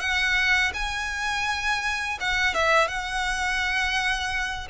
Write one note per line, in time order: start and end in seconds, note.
0.00 0.72 F#5
0.74 2.19 G#5
2.20 2.55 F#5
2.55 2.88 E5
2.88 4.69 F#5